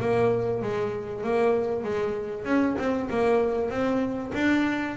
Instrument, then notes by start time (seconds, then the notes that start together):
double bass
0.00 A#3
0.62 G#3
1.23 A#3
1.83 G#3
2.45 C#4
2.78 C4
3.10 A#3
3.70 C4
4.34 D4